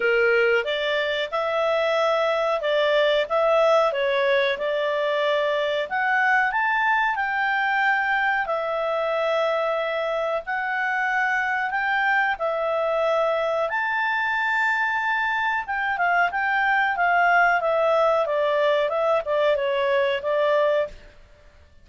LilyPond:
\new Staff \with { instrumentName = "clarinet" } { \time 4/4 \tempo 4 = 92 ais'4 d''4 e''2 | d''4 e''4 cis''4 d''4~ | d''4 fis''4 a''4 g''4~ | g''4 e''2. |
fis''2 g''4 e''4~ | e''4 a''2. | g''8 f''8 g''4 f''4 e''4 | d''4 e''8 d''8 cis''4 d''4 | }